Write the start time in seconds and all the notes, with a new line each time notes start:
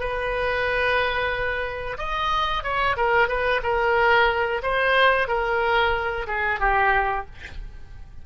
0.00 B4
1.98 D#5
2.64 C#5
2.97 A#4
3.28 B4
3.63 A#4
4.63 C5
5.28 A#4
6.27 G#4
6.60 G4